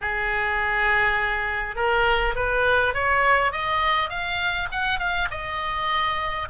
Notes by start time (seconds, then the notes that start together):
0.01 G#4
1.75 A#4
2.35 B4
2.94 C#5
3.52 D#5
4.09 F5
4.71 F#5
4.99 F5
5.30 D#5